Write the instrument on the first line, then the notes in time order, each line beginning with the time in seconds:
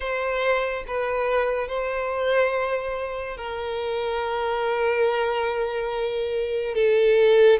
violin
0.00 C5
0.87 B4
1.67 C5
3.37 A#4
6.74 A4